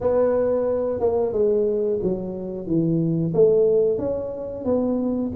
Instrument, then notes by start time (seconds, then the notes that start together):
tuba
0.00 B3
1.00 A#3
1.32 G#3
2.02 F#3
2.66 E3
3.34 A3
3.98 C#4
4.65 B3